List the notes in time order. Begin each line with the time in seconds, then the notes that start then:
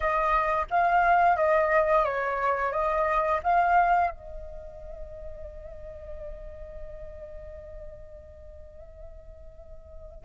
0.00 D#5
0.70 F5
1.36 D#5
2.04 C#5
2.72 D#5
3.43 F5
4.10 D#5